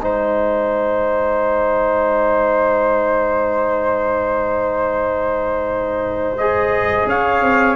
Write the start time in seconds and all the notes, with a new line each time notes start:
0.00 G#3 D#4 C5 G#5
6.36 G#4 D#5
7.06 C#4 C#5 F5
7.41 C4